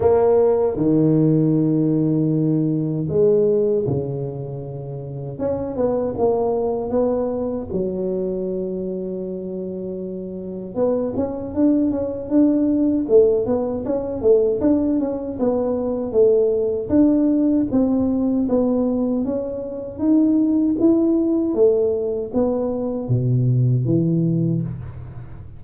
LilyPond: \new Staff \with { instrumentName = "tuba" } { \time 4/4 \tempo 4 = 78 ais4 dis2. | gis4 cis2 cis'8 b8 | ais4 b4 fis2~ | fis2 b8 cis'8 d'8 cis'8 |
d'4 a8 b8 cis'8 a8 d'8 cis'8 | b4 a4 d'4 c'4 | b4 cis'4 dis'4 e'4 | a4 b4 b,4 e4 | }